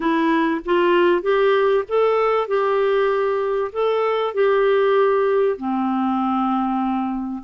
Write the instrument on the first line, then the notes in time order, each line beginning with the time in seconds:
clarinet
0.00 E4
0.65 F4
1.22 G4
1.88 A4
2.47 G4
3.72 A4
4.34 G4
5.57 C4